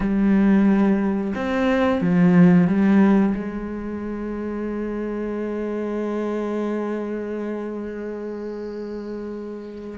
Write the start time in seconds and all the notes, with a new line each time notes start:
0.00 G3
1.35 C4
2.01 F3
2.67 G3
3.34 G#3